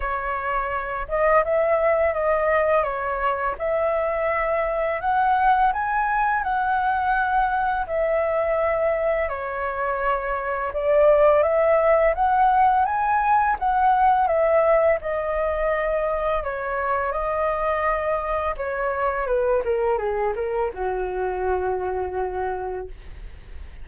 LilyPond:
\new Staff \with { instrumentName = "flute" } { \time 4/4 \tempo 4 = 84 cis''4. dis''8 e''4 dis''4 | cis''4 e''2 fis''4 | gis''4 fis''2 e''4~ | e''4 cis''2 d''4 |
e''4 fis''4 gis''4 fis''4 | e''4 dis''2 cis''4 | dis''2 cis''4 b'8 ais'8 | gis'8 ais'8 fis'2. | }